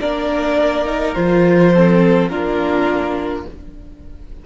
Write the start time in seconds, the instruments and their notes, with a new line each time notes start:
0.00 cello A#3, viola D4, violin A#4 D5
0.85 viola D#4
1.14 cello F3, viola F4, violin C5
1.73 viola C4, violin A4
2.28 cello A#3, viola D4, violin F4 A#4